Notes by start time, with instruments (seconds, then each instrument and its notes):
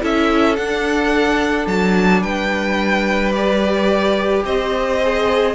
0.00 cello C#4, viola E4, violin A4 E5
0.56 viola D4, cello D4, violin F#5
1.67 cello F#3, violin A5
2.22 cello G3, violin B4 G5
3.32 viola G4, violin D5
4.44 cello C4, violin C5 D#5
5.03 viola G#4